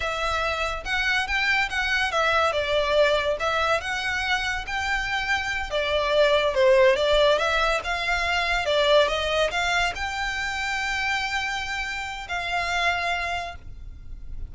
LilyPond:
\new Staff \with { instrumentName = "violin" } { \time 4/4 \tempo 4 = 142 e''2 fis''4 g''4 | fis''4 e''4 d''2 | e''4 fis''2 g''4~ | g''4. d''2 c''8~ |
c''8 d''4 e''4 f''4.~ | f''8 d''4 dis''4 f''4 g''8~ | g''1~ | g''4 f''2. | }